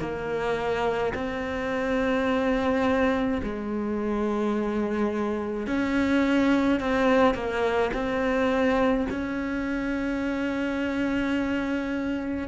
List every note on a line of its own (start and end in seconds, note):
0.00 1.13 A#3
1.14 3.41 C4
3.43 5.67 G#3
5.67 6.80 C#4
6.80 7.34 C4
7.34 7.90 A#3
7.93 9.07 C4
9.10 12.48 C#4